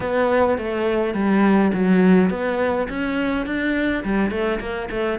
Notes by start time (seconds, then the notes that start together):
0.00 B3
0.57 A3
1.14 G3
1.73 F#3
2.30 B3
2.89 C#4
3.46 D4
4.04 G3
4.30 A3
4.60 A#3
4.90 A3